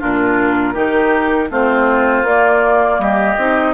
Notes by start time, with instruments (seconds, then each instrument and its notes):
0.00 bassoon A#2, clarinet D4, oboe F4, flute A#4
0.74 bassoon D#3, clarinet D#4, oboe G4
1.51 bassoon A3, clarinet C4, oboe F4, flute C5
2.23 bassoon A#3, clarinet A#3, flute D5
2.99 bassoon G3, oboe G4, flute D#5
3.38 bassoon C4, clarinet D#4